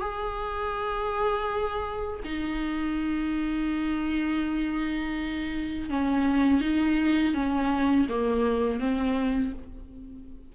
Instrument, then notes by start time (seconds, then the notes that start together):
viola
0.00 G#4
2.24 D#4
5.89 C#4
6.61 D#4
7.34 C#4
8.09 A#3
8.79 C4